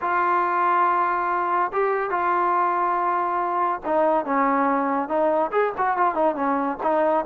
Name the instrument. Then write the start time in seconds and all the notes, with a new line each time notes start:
trombone
0.01 F4
1.72 G4
2.10 F4
3.85 D#4
4.25 C#4
5.08 D#4
5.51 G#4
5.77 F#4
5.97 F4
6.15 D#4
6.35 C#4
6.82 D#4